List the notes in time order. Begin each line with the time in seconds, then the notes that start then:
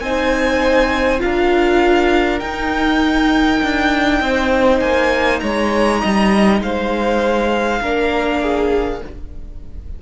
0.00 C4 D#4 C5 G#5
1.19 F4 A#4 F5
1.25 D4
2.40 D#4 G5
3.63 D4
4.21 C4 C5
4.80 A#3 G#5
5.40 G#3 C#5 A#5
6.02 G3 D#5
6.61 G#3 C5 F5
7.82 A#3 D4 A#4
8.42 G#4